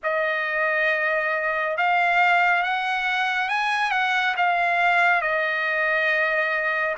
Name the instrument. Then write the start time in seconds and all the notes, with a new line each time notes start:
trumpet
0.03 D#5
1.77 F5
2.62 F#5
3.49 G#5
3.91 F#5
4.36 F5
5.21 D#5